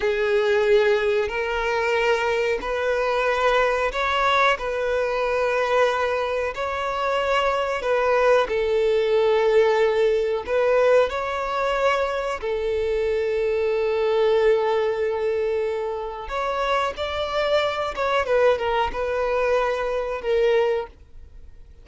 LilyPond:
\new Staff \with { instrumentName = "violin" } { \time 4/4 \tempo 4 = 92 gis'2 ais'2 | b'2 cis''4 b'4~ | b'2 cis''2 | b'4 a'2. |
b'4 cis''2 a'4~ | a'1~ | a'4 cis''4 d''4. cis''8 | b'8 ais'8 b'2 ais'4 | }